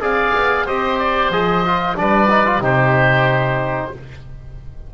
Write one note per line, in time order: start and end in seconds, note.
0.00 0.33 C4
0.00 0.67 G#4
0.00 0.66 D5
0.00 0.67 F5
0.35 0.67 B3
0.66 1.30 C4
0.66 1.32 G4
0.66 1.96 C5
0.66 0.99 D#5
0.99 1.32 D5
1.30 1.95 F3
1.30 1.65 G#4
1.30 1.97 D#5
1.66 1.96 F4
1.96 2.59 G3
1.96 2.29 D4
1.96 2.63 B4
1.96 2.63 D5
2.30 2.46 D#4
2.46 2.61 F4
2.59 3.89 C3
2.59 3.92 D#4
2.59 3.94 G4
2.59 3.94 C5